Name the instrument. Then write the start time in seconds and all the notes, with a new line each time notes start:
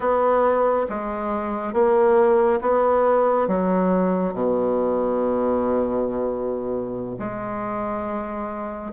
bassoon
0.00 B3
0.89 G#3
1.73 A#3
2.61 B3
3.47 F#3
4.33 B2
7.18 G#3